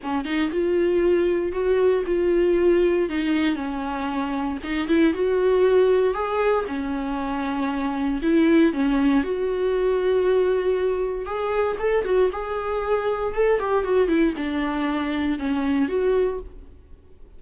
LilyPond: \new Staff \with { instrumentName = "viola" } { \time 4/4 \tempo 4 = 117 cis'8 dis'8 f'2 fis'4 | f'2 dis'4 cis'4~ | cis'4 dis'8 e'8 fis'2 | gis'4 cis'2. |
e'4 cis'4 fis'2~ | fis'2 gis'4 a'8 fis'8 | gis'2 a'8 g'8 fis'8 e'8 | d'2 cis'4 fis'4 | }